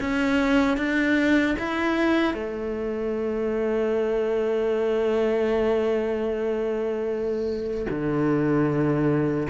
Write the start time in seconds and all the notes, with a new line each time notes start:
0.00 C#4
0.77 D4
1.58 E4
2.34 A3
7.89 D3